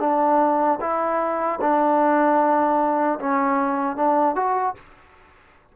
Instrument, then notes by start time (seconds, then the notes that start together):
trombone
0.00 D4
0.81 E4
1.61 D4
3.20 C#4
3.97 D4
4.35 F#4